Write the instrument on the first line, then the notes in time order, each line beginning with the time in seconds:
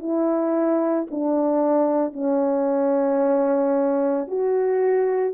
horn
0.00 E4
1.11 D4
2.13 C#4
4.28 F#4